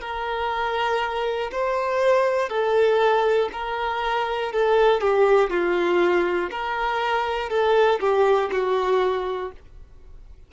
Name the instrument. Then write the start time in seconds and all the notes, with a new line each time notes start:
violin
0.00 A#4
1.51 C5
2.49 A4
3.52 A#4
4.52 A4
5.00 G4
5.50 F4
6.50 A#4
7.50 A4
8.00 G4
8.51 F#4